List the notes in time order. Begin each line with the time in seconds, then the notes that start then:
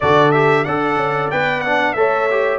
0.00 D3 F#4 A4 D5
0.31 G4 E5
0.64 D4 A4 D5 F#5
0.96 C#4
1.31 B3 B4 G5
1.61 D4 F#5
1.93 A3 A4 C#5 E5
2.30 G4